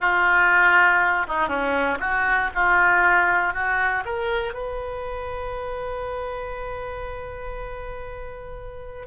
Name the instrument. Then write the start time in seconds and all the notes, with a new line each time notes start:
oboe
0.00 F4
1.27 D#4
1.48 C#4
1.99 F#4
2.54 F4
3.53 F#4
4.05 A#4
4.53 B4